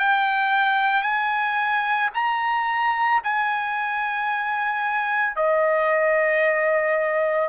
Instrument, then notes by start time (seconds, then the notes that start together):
trumpet
0.00 G5
1.03 G#5
2.15 A#5
3.24 G#5
5.36 D#5